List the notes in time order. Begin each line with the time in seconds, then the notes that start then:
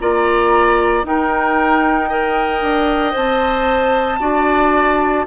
0.00 A#3 F4 D5 A#5
1.04 D#4 A#4 G5
2.09 A#4 D#5
2.62 D4
3.11 C4 C5 A5
4.20 D4 F#4 D5